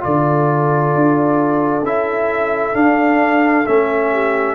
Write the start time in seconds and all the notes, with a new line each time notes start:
0.00 D3 F4 A4 D5
0.95 D4
1.83 C#4 E4 E5
2.74 D4 F5
3.66 A3 C#4 E5
4.12 G4